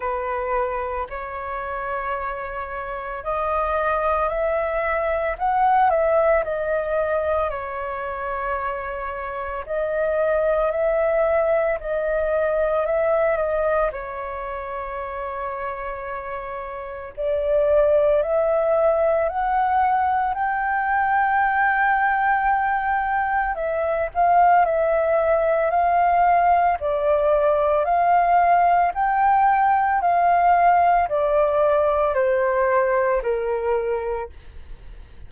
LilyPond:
\new Staff \with { instrumentName = "flute" } { \time 4/4 \tempo 4 = 56 b'4 cis''2 dis''4 | e''4 fis''8 e''8 dis''4 cis''4~ | cis''4 dis''4 e''4 dis''4 | e''8 dis''8 cis''2. |
d''4 e''4 fis''4 g''4~ | g''2 e''8 f''8 e''4 | f''4 d''4 f''4 g''4 | f''4 d''4 c''4 ais'4 | }